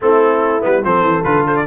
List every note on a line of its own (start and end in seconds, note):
0.01 0.63 A3
0.01 0.60 C4
0.01 0.85 E4
0.01 0.64 A4
0.60 0.84 G3
0.60 0.81 B3
0.60 0.84 B4
0.83 1.01 F3
0.83 1.23 C4
0.83 1.66 A4
0.83 1.23 C5
1.01 1.22 E3
1.23 1.66 D3
1.23 1.65 F4
1.23 1.44 B4
1.46 1.56 C5
1.56 1.66 D5